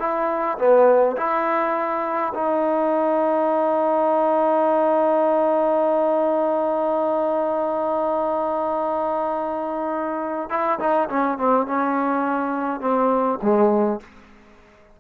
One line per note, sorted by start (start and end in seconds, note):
0.00 0.58 E4
0.59 1.17 B3
1.17 2.33 E4
2.35 10.50 D#4
10.50 10.80 E4
10.80 11.09 D#4
11.09 11.38 C#4
11.38 11.67 C4
11.67 12.81 C#4
12.81 13.39 C4
13.42 14.01 G#3